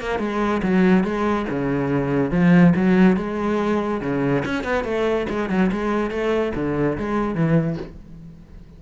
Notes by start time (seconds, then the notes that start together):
0.00 A#3
0.19 G#3
0.62 F#3
1.04 G#3
1.49 C#3
2.31 F3
2.75 F#3
3.16 G#3
4.01 C#3
4.45 C#4
4.63 B3
4.84 A3
5.29 G#3
5.49 F#3
5.72 G#3
6.10 A3
6.55 D3
6.98 G#3
7.35 E3